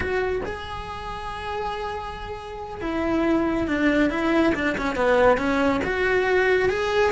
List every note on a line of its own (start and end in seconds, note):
0.00 0.41 F#4
0.45 2.81 G#4
2.81 3.67 E4
3.67 4.10 D4
4.10 4.53 E4
4.54 4.76 D4
4.77 4.95 C#4
4.95 5.37 B3
5.37 5.80 C#4
5.84 6.69 F#4
6.69 7.11 G#4